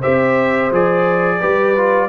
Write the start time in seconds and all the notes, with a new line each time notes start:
0.00 C4 G4 C5 E5
0.71 F3 G#4 D5
1.40 G3 G4 B4
1.76 F4